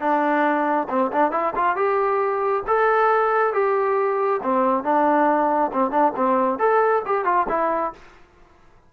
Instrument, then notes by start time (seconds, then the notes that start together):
trombone
0.00 D4
0.89 C4
1.12 D4
1.32 E4
1.56 F4
1.76 G4
2.67 A4
3.53 G4
4.43 C4
4.84 D4
5.73 C4
5.91 D4
6.16 C4
6.59 A4
7.06 G4
7.25 F4
7.49 E4